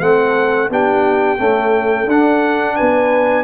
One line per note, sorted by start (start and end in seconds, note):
0.00 0.69 A3
0.00 0.69 C4
0.00 0.70 A4
0.00 0.69 F#5
0.69 1.38 B3
0.69 1.38 D4
0.69 1.39 G4
0.69 2.10 G5
1.38 2.07 A3
1.38 2.06 C#4
1.38 2.76 A4
2.06 2.75 D4
2.06 3.44 D4
2.06 2.76 F#5
2.76 3.44 B3
2.76 3.44 B4
2.76 3.44 G#5